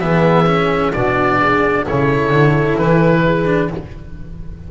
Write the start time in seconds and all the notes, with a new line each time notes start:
0.00 E3 B3 G#4 E5
0.46 C#4
0.93 B2 D4 F#4 D5
1.40 G#4
1.83 C#3 E4 A4 C#5
2.31 D3
2.78 E3 B4
3.26 G#4
3.46 D4